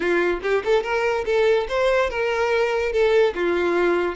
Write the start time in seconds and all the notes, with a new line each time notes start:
0.00 F4
0.42 G4
0.64 A4
0.83 A#4
1.25 A4
1.68 C5
2.10 A#4
2.92 A4
3.34 F4